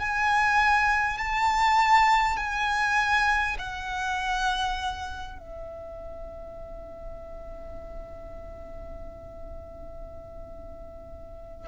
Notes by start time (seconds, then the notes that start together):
0.00 G#5
1.18 A5
2.37 G#5
3.59 F#5
5.39 E5